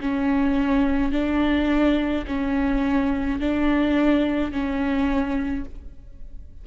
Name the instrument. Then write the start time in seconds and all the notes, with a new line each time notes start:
viola
0.00 C#4
1.12 D4
2.27 C#4
3.40 D4
4.52 C#4